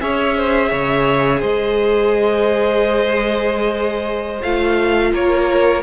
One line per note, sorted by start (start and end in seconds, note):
0.00 0.72 C#4
0.00 4.41 G#4
0.00 0.37 C#5
0.00 1.42 E5
0.37 0.70 C5
0.70 1.42 C#3
0.70 1.40 C#5
1.40 4.42 G#3
1.40 5.11 C5
1.40 4.42 D#5
4.42 5.13 A3
4.42 5.83 F4
4.42 5.13 F5
5.13 5.83 A#3
5.13 5.83 A#4
5.13 5.83 C#5